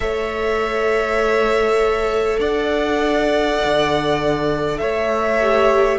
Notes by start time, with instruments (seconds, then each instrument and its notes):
0.00 cello A3, viola A4, violin C#5 E5
2.39 cello D4, violin D5 F#5
3.64 cello D3
4.77 cello A3, violin C#5 E5
5.41 viola G4